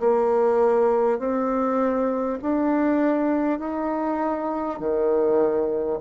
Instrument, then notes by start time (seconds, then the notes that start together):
bassoon
0.00 A#3
1.19 C4
2.42 D4
3.59 D#4
4.79 D#3